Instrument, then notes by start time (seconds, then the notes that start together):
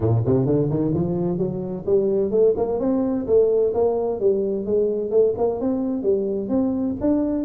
tuba
0.00 A#2
0.25 C3
0.45 D3
0.70 D#3
0.94 F3
1.38 F#3
1.85 G3
2.30 A3
2.56 A#3
2.79 C4
3.26 A3
3.74 A#3
4.20 G3
4.65 G#3
5.10 A3
5.37 A#3
5.60 C4
6.02 G3
6.49 C4
7.00 D4